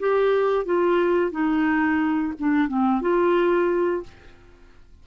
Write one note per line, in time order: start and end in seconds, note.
0.00 0.66 G4
0.66 1.31 F4
1.31 2.34 D#4
2.40 2.68 D4
2.68 3.02 C4
3.02 4.04 F4